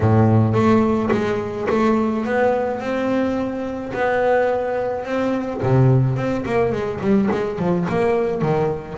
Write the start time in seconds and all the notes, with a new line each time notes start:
0.00 A2
0.53 A3
1.11 G#3
1.69 A3
2.25 B3
2.80 C4
3.93 B3
5.05 C4
5.62 C3
6.16 C4
6.45 A#3
6.72 G#3
7.00 G3
7.30 G#3
7.59 F3
7.89 A#3
8.41 D#3